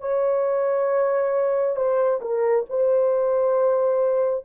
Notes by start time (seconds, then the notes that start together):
0.00 C#5
1.76 C5
2.21 A#4
2.70 C5